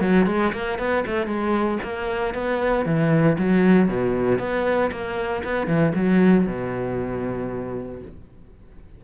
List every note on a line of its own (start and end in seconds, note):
0.00 0.26 F#3
0.26 0.52 G#3
0.52 0.78 A#3
0.78 1.04 B3
1.06 1.26 A3
1.26 1.78 G#3
1.83 2.34 A#3
2.34 2.85 B3
2.85 3.37 E3
3.38 3.88 F#3
3.88 4.39 B2
4.39 4.90 B3
4.91 5.43 A#3
5.44 5.67 B3
5.67 5.93 E3
5.95 6.46 F#3
6.46 8.01 B2